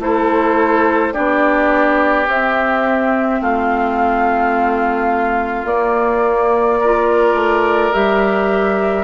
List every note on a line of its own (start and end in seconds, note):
0.00 1.13 A3
0.00 1.13 E4
0.00 1.14 A4
0.00 1.14 C5
1.13 2.28 B3
1.13 2.26 D4
1.13 3.40 G4
1.13 2.27 D5
2.28 3.41 C4
2.28 5.67 C4
2.28 3.42 E5
3.41 5.65 A3
3.41 6.80 F4
3.41 5.67 F5
5.65 7.34 A#3
5.65 6.81 A#3
5.65 7.94 D5
6.80 7.93 F4
6.80 9.04 A#4
7.34 7.91 A3
7.93 9.04 G3
7.93 9.04 G4
7.93 9.04 E5